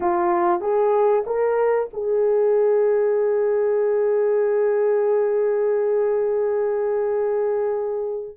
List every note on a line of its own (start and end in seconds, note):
0.00 0.61 F4
0.61 1.24 G#4
1.26 1.89 A#4
1.93 8.37 G#4